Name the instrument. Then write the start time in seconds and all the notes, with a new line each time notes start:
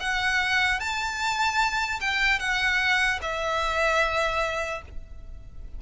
violin
0.00 F#5
0.80 A5
2.01 G5
2.40 F#5
3.22 E5